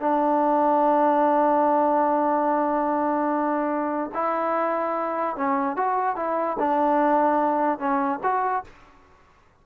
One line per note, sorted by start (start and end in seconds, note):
0.00 4.11 D4
4.14 5.36 E4
5.36 5.76 C#4
5.76 6.16 F#4
6.16 6.57 E4
6.59 7.79 D4
7.79 8.20 C#4
8.23 8.64 F#4